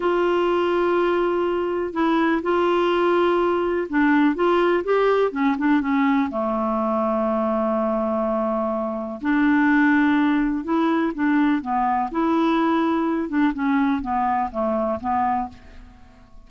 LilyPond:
\new Staff \with { instrumentName = "clarinet" } { \time 4/4 \tempo 4 = 124 f'1 | e'4 f'2. | d'4 f'4 g'4 cis'8 d'8 | cis'4 a2.~ |
a2. d'4~ | d'2 e'4 d'4 | b4 e'2~ e'8 d'8 | cis'4 b4 a4 b4 | }